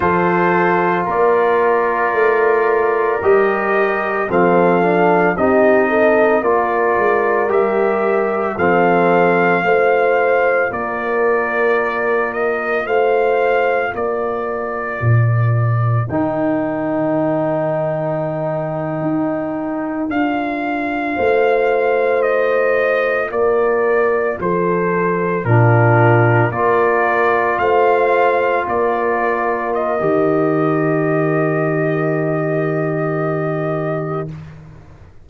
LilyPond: <<
  \new Staff \with { instrumentName = "trumpet" } { \time 4/4 \tempo 4 = 56 c''4 d''2 dis''4 | f''4 dis''4 d''4 e''4 | f''2 d''4. dis''8 | f''4 d''2 g''4~ |
g''2~ g''8. f''4~ f''16~ | f''8. dis''4 d''4 c''4 ais'16~ | ais'8. d''4 f''4 d''4 dis''16~ | dis''1 | }
  \new Staff \with { instrumentName = "horn" } { \time 4/4 a'4 ais'2. | a'4 g'8 a'8 ais'2 | a'4 c''4 ais'2 | c''4 ais'2.~ |
ais'2.~ ais'8. c''16~ | c''4.~ c''16 ais'4 a'4 f'16~ | f'8. ais'4 c''4 ais'4~ ais'16~ | ais'1 | }
  \new Staff \with { instrumentName = "trombone" } { \time 4/4 f'2. g'4 | c'8 d'8 dis'4 f'4 g'4 | c'4 f'2.~ | f'2. dis'4~ |
dis'2~ dis'8. f'4~ f'16~ | f'2.~ f'8. d'16~ | d'8. f'2.~ f'16 | g'1 | }
  \new Staff \with { instrumentName = "tuba" } { \time 4/4 f4 ais4 a4 g4 | f4 c'4 ais8 gis8 g4 | f4 a4 ais2 | a4 ais4 ais,4 dis4~ |
dis4.~ dis16 dis'4 d'4 a16~ | a4.~ a16 ais4 f4 ais,16~ | ais,8. ais4 a4 ais4~ ais16 | dis1 | }
>>